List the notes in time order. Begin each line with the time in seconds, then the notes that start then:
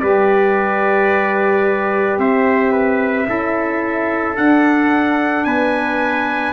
0.00 G3 G4 B4 D5
2.19 C4 C5 E5
2.72 B4
3.25 C#4 E4 A4
4.37 D4 F#5
5.45 B3 B4 G#5